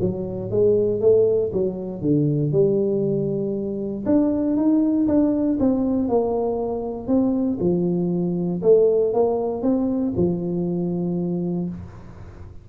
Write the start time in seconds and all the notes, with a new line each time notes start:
0.00 F#3
0.50 G#3
1.00 A3
1.52 F#3
2.01 D3
2.51 G3
4.05 D4
4.56 D#4
5.07 D4
5.59 C4
6.08 A#3
7.07 C4
7.60 F3
8.62 A3
9.13 A#3
9.62 C4
10.16 F3